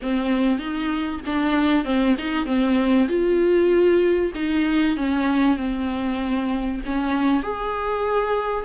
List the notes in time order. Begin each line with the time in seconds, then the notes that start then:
0.02 C4
0.58 D#4
1.25 D4
1.84 C4
2.18 D#4
2.46 C4
3.08 F4
4.34 D#4
4.97 C#4
5.57 C4
6.85 C#4
7.43 G#4